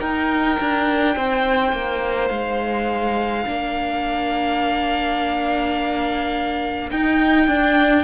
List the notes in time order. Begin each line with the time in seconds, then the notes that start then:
0.00 D#4 A#4 G5
0.60 D4
1.16 C4 C5
1.73 A#3
2.28 G#3 F5
3.44 A#3 D4 A#4
6.91 D#4 G5
7.48 D4